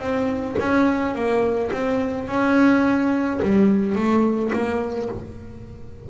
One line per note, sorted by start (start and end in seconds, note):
0.00 0.56 C4
0.59 1.15 C#4
1.15 1.71 A#3
1.72 2.28 C4
2.28 3.40 C#4
3.42 3.96 G3
3.96 4.52 A3
4.53 5.10 A#3